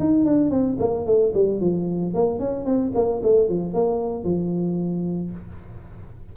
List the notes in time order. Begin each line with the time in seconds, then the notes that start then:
0.00 D#4
0.26 D4
0.51 C4
0.80 A#3
1.07 A3
1.35 G3
1.61 F3
2.15 A#3
2.40 C#4
2.66 C4
2.95 A#3
3.24 A3
3.49 F3
3.74 A#3
4.24 F3